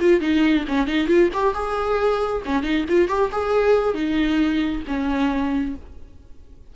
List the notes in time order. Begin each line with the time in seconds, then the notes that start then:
0.00 F4
0.20 D#4
0.68 C#4
0.87 D#4
1.07 F4
1.33 G4
1.54 G#4
2.45 C#4
2.63 D#4
2.88 F4
3.08 G4
3.31 G#4
3.94 D#4
4.87 C#4